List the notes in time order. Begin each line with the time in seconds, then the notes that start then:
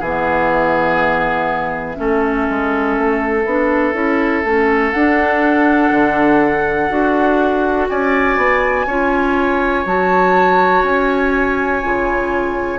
0.00 E3 G#4 E5
0.07 B3
1.96 A3 C#4 A4
2.50 G#3
2.98 A3
3.45 B3 D4
3.94 C#4 E4
4.44 A3 C#4
4.92 D4 F#5
5.92 D3
6.90 D4 F#4
7.90 C#4 D5 G#5
8.37 B3
8.87 C#4 F4 C#5
9.86 F#3 F#4 A5
10.84 C#4 G#5
11.83 C#3 F4